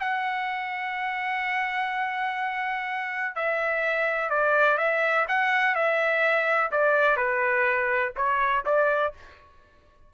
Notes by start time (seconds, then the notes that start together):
0.00 F#5
3.36 E5
4.30 D5
4.78 E5
5.28 F#5
5.75 E5
6.72 D5
7.17 B4
8.17 C#5
8.66 D5